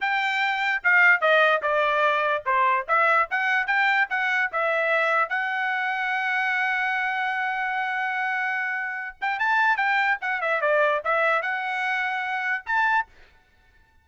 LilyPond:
\new Staff \with { instrumentName = "trumpet" } { \time 4/4 \tempo 4 = 147 g''2 f''4 dis''4 | d''2 c''4 e''4 | fis''4 g''4 fis''4 e''4~ | e''4 fis''2.~ |
fis''1~ | fis''2~ fis''8 g''8 a''4 | g''4 fis''8 e''8 d''4 e''4 | fis''2. a''4 | }